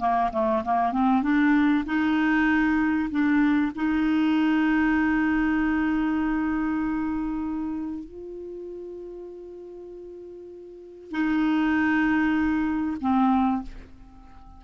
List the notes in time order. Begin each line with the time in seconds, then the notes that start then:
0.00 A#3
0.33 A3
0.65 A#3
0.92 C4
1.23 D4
1.86 D#4
3.11 D4
3.76 D#4
8.05 F4
11.12 D#4
13.01 C4